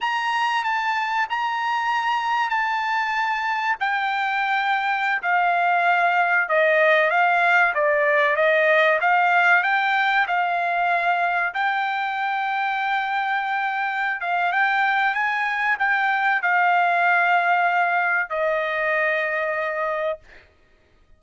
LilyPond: \new Staff \with { instrumentName = "trumpet" } { \time 4/4 \tempo 4 = 95 ais''4 a''4 ais''2 | a''2 g''2~ | g''16 f''2 dis''4 f''8.~ | f''16 d''4 dis''4 f''4 g''8.~ |
g''16 f''2 g''4.~ g''16~ | g''2~ g''8 f''8 g''4 | gis''4 g''4 f''2~ | f''4 dis''2. | }